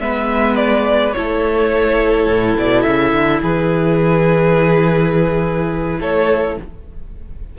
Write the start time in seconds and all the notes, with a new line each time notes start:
0.00 G#3 B3 B4 E5
0.56 D5
1.12 A3 E4 A4 C#5
2.27 A2
2.57 B2 D5
2.83 C#3 E5
3.13 D3
3.41 E3 G#4 B4
6.00 A3 A4 C#5